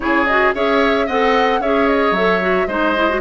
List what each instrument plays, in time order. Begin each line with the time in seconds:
0.00 bassoon C#3, clarinet E4, oboe G#4, flute C#5
0.25 clarinet F#4, flute D#5
0.54 bassoon C#4, clarinet G#4, oboe C#5, flute E5
1.06 bassoon C4, clarinet A4, oboe D#5, flute F#5
1.60 bassoon C#4, clarinet G#4, oboe C#5, flute E5
1.87 flute D#5
2.11 bassoon F#3, clarinet A4, flute E5
2.41 clarinet F#4
2.67 bassoon G#3, clarinet D#4, oboe C5, flute D#5
2.96 clarinet E4
3.09 clarinet F#4